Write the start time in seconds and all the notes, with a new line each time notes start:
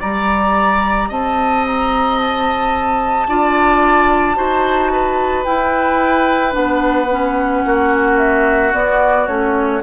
0.00 G3 G4 D5 A#5
1.09 C4 D#5 A5
1.67 A#5
2.18 A5
3.27 D4 F4 D5
4.35 D#4 F#4 C5
4.93 B4
5.45 E4 G5
6.52 B3 D4 F#5
7.11 C#4
7.65 A#3 F#4
8.18 E5
8.72 B3 D5
9.27 A3 C#4 C#5